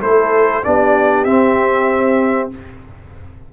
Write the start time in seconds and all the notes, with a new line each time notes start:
0.00 A3 E4 A4 C5
0.63 B3 D4 G4 D5
1.24 C4 E5